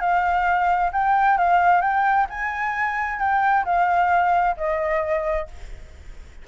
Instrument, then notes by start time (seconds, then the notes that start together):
flute
0.00 F5
0.92 G5
1.37 F5
1.81 G5
2.30 G#5
3.19 G5
3.65 F5
4.57 D#5